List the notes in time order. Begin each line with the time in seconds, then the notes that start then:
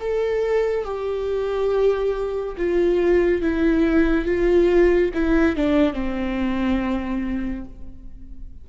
0.00 A4
0.84 G4
2.57 F4
3.41 E4
4.25 F4
5.14 E4
5.56 D4
5.93 C4